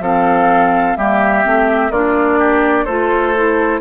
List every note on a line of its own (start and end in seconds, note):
0.00 0.95 F3
0.00 0.97 C4
0.00 0.98 A4
0.00 0.96 F5
0.96 1.44 G3
0.96 1.43 A#3
0.96 1.92 G4
0.96 1.91 E5
1.43 1.90 A3
1.43 1.91 C4
1.90 2.85 A#3
1.90 2.88 D4
1.90 2.39 F4
1.90 2.85 D5
2.39 2.85 G4
2.85 3.81 A3
2.85 3.35 F4
2.85 3.80 A4
2.85 3.80 C5
3.36 3.81 E4